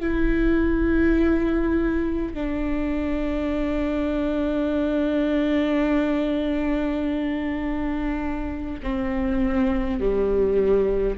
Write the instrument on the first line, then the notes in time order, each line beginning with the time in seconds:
viola
0.00 E4
2.34 D4
8.83 C4
9.99 G3